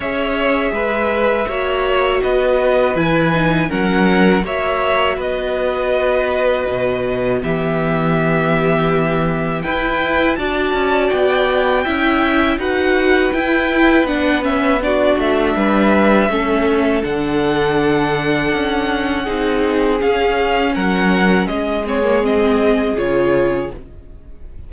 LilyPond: <<
  \new Staff \with { instrumentName = "violin" } { \time 4/4 \tempo 4 = 81 e''2. dis''4 | gis''4 fis''4 e''4 dis''4~ | dis''2 e''2~ | e''4 g''4 a''4 g''4~ |
g''4 fis''4 g''4 fis''8 e''8 | d''8 e''2~ e''8 fis''4~ | fis''2. f''4 | fis''4 dis''8 cis''8 dis''4 cis''4 | }
  \new Staff \with { instrumentName = "violin" } { \time 4/4 cis''4 b'4 cis''4 b'4~ | b'4 ais'4 cis''4 b'4~ | b'2 g'2~ | g'4 b'4 d''2 |
e''4 b'2. | fis'4 b'4 a'2~ | a'2 gis'2 | ais'4 gis'2. | }
  \new Staff \with { instrumentName = "viola" } { \time 4/4 gis'2 fis'2 | e'8 dis'8 cis'4 fis'2~ | fis'2 b2~ | b4 e'4 fis'2 |
e'4 fis'4 e'4 d'8 cis'8 | d'2 cis'4 d'4~ | d'2 dis'4 cis'4~ | cis'4. c'16 ais16 c'4 f'4 | }
  \new Staff \with { instrumentName = "cello" } { \time 4/4 cis'4 gis4 ais4 b4 | e4 fis4 ais4 b4~ | b4 b,4 e2~ | e4 e'4 d'8 cis'8 b4 |
cis'4 dis'4 e'4 b4~ | b8 a8 g4 a4 d4~ | d4 cis'4 c'4 cis'4 | fis4 gis2 cis4 | }
>>